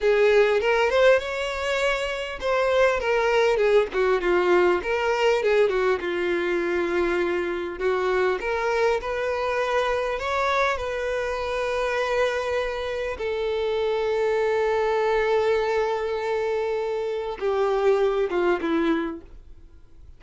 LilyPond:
\new Staff \with { instrumentName = "violin" } { \time 4/4 \tempo 4 = 100 gis'4 ais'8 c''8 cis''2 | c''4 ais'4 gis'8 fis'8 f'4 | ais'4 gis'8 fis'8 f'2~ | f'4 fis'4 ais'4 b'4~ |
b'4 cis''4 b'2~ | b'2 a'2~ | a'1~ | a'4 g'4. f'8 e'4 | }